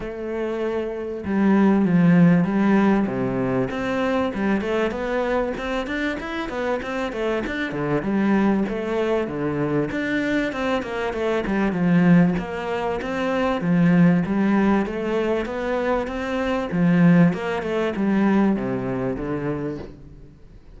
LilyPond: \new Staff \with { instrumentName = "cello" } { \time 4/4 \tempo 4 = 97 a2 g4 f4 | g4 c4 c'4 g8 a8 | b4 c'8 d'8 e'8 b8 c'8 a8 | d'8 d8 g4 a4 d4 |
d'4 c'8 ais8 a8 g8 f4 | ais4 c'4 f4 g4 | a4 b4 c'4 f4 | ais8 a8 g4 c4 d4 | }